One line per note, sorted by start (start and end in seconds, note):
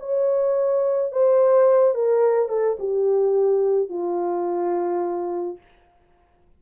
0.00 1.12 C#5
1.12 1.94 C5
1.94 2.49 A#4
2.49 2.77 A4
2.79 3.89 G4
3.89 5.58 F4